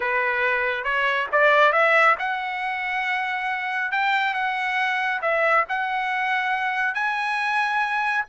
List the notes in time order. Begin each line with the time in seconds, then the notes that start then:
0.00 B4
0.84 C#5
1.32 D5
1.72 E5
2.18 F#5
3.91 G5
4.34 F#5
5.21 E5
5.69 F#5
6.94 G#5